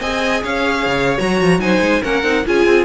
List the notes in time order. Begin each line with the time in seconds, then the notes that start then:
0.00 C4 G#4 D#5 G#5
0.44 C#4 C#5 F5
0.86 C#3
1.18 F#3 F#4 A#5
1.41 F3
1.59 F#3 D#4 C5 G#5
1.81 G#3
2.03 A#3 C#4 A#4 F#5
2.23 C4 D#4
2.46 C#4 F4 G#4 G#5
2.66 C4